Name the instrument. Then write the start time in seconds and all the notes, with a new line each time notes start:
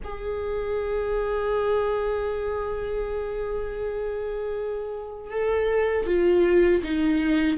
viola
0.04 G#4
5.31 A4
6.06 F4
6.83 D#4